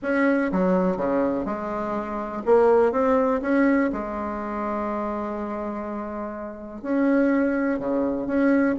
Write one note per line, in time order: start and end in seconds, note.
0.02 0.51 C#4
0.51 0.96 F#3
0.96 1.45 C#3
1.45 2.42 G#3
2.45 2.92 A#3
2.92 3.40 C4
3.41 3.90 C#4
3.92 6.82 G#3
6.82 7.79 C#4
7.79 8.27 C#3
8.27 8.75 C#4